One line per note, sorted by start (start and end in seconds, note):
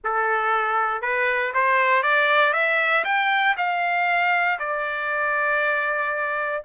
0.04 1.01 A4
1.01 1.52 B4
1.54 2.02 C5
2.02 2.53 D5
2.53 3.03 E5
3.04 3.55 G5
3.57 4.59 F5
4.59 6.62 D5